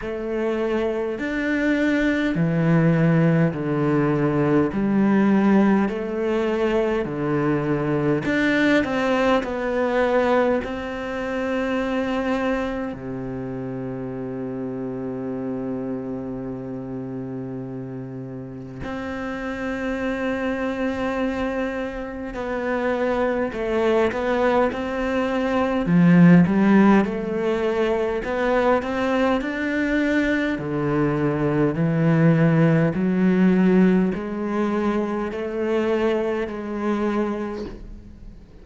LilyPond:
\new Staff \with { instrumentName = "cello" } { \time 4/4 \tempo 4 = 51 a4 d'4 e4 d4 | g4 a4 d4 d'8 c'8 | b4 c'2 c4~ | c1 |
c'2. b4 | a8 b8 c'4 f8 g8 a4 | b8 c'8 d'4 d4 e4 | fis4 gis4 a4 gis4 | }